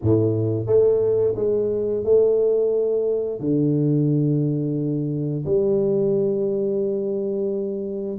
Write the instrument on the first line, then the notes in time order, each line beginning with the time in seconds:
tuba
0.02 A2
0.66 A3
1.35 G#3
2.04 A3
3.40 D3
5.45 G3